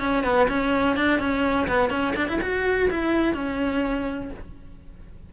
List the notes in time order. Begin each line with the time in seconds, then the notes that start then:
0.00 C#4
0.24 B3
0.48 C#4
0.97 D4
1.19 C#4
1.68 B3
1.90 C#4
2.16 D4
2.28 E4
2.42 F#4
2.91 E4
3.34 C#4